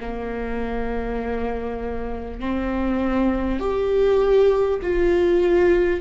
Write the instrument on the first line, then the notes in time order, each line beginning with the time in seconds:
viola
0.00 A#3
2.40 C4
3.59 G4
4.82 F4